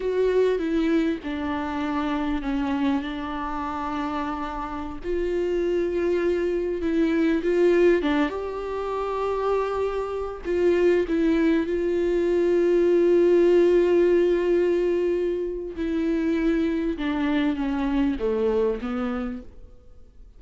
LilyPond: \new Staff \with { instrumentName = "viola" } { \time 4/4 \tempo 4 = 99 fis'4 e'4 d'2 | cis'4 d'2.~ | d'16 f'2. e'8.~ | e'16 f'4 d'8 g'2~ g'16~ |
g'4~ g'16 f'4 e'4 f'8.~ | f'1~ | f'2 e'2 | d'4 cis'4 a4 b4 | }